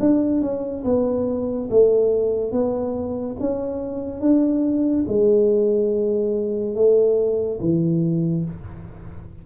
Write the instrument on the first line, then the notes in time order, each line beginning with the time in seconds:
tuba
0.00 D4
0.41 C#4
0.85 B3
1.70 A3
2.52 B3
3.40 C#4
4.21 D4
5.08 G#3
6.75 A3
7.61 E3